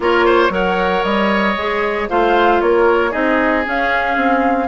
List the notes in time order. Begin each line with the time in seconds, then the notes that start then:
0.00 A#3 F4 A#4 C#5
0.25 C5
0.49 F#3 A#4 C#5 F#5
1.03 G3 D#5
1.56 G#3 G#4
2.09 A3 F4 C5 F5
2.61 A#3 A#4 C#5
3.11 C4 D#4 G#4 D#5
3.65 C#4 F5
4.16 C4